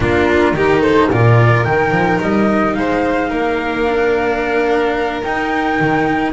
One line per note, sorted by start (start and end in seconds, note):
0.00 0.52 A#3
0.00 0.55 D4
0.00 0.55 F4
0.00 0.81 A#4
0.52 1.07 D#3
0.52 1.11 D#4
0.52 0.80 G4
0.80 1.08 A4
0.80 1.09 C5
1.11 1.66 A#2
1.11 1.65 F4
1.11 2.76 A#4
1.11 1.64 D5
1.64 1.91 D#3
1.64 3.84 D#4
1.64 2.19 G5
1.91 2.18 F3
2.20 2.76 G3
2.20 2.74 D#5
2.74 3.30 G#3
2.74 3.29 C5
2.74 5.21 F5
3.29 5.23 A#3
3.29 6.32 A#4
3.84 5.22 D4
5.22 6.32 D#4
5.22 5.79 D#4
5.22 6.32 G5
5.80 6.32 D#3